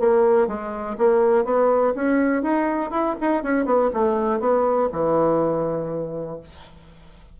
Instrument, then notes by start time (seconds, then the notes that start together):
bassoon
0.00 A#3
0.47 G#3
0.98 A#3
1.45 B3
1.95 C#4
2.43 D#4
2.91 E4
3.21 D#4
3.43 C#4
3.65 B3
3.93 A3
4.40 B3
4.92 E3